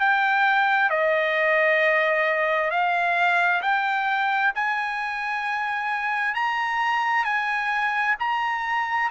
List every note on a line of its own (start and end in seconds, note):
0.00 0.90 G5
0.90 2.71 D#5
2.71 3.62 F5
3.62 4.53 G5
4.55 6.35 G#5
6.35 7.25 A#5
7.25 8.16 G#5
8.20 9.11 A#5